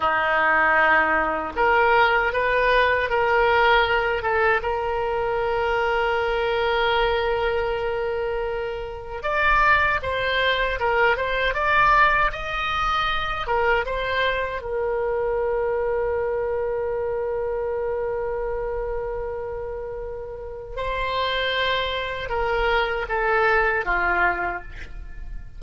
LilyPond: \new Staff \with { instrumentName = "oboe" } { \time 4/4 \tempo 4 = 78 dis'2 ais'4 b'4 | ais'4. a'8 ais'2~ | ais'1 | d''4 c''4 ais'8 c''8 d''4 |
dis''4. ais'8 c''4 ais'4~ | ais'1~ | ais'2. c''4~ | c''4 ais'4 a'4 f'4 | }